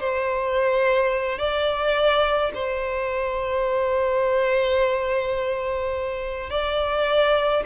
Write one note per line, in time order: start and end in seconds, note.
0.00 1.39 C5
1.39 2.52 D5
2.55 6.50 C5
6.50 7.64 D5